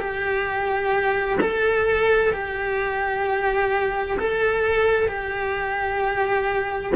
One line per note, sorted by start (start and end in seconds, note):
0.00 1.38 G4
1.41 2.33 A4
2.33 4.18 G4
4.19 5.09 A4
5.09 6.93 G4